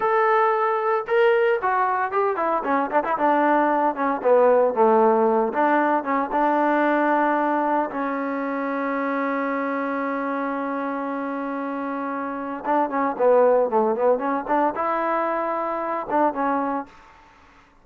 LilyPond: \new Staff \with { instrumentName = "trombone" } { \time 4/4 \tempo 4 = 114 a'2 ais'4 fis'4 | g'8 e'8 cis'8 d'16 e'16 d'4. cis'8 | b4 a4. d'4 cis'8 | d'2. cis'4~ |
cis'1~ | cis'1 | d'8 cis'8 b4 a8 b8 cis'8 d'8 | e'2~ e'8 d'8 cis'4 | }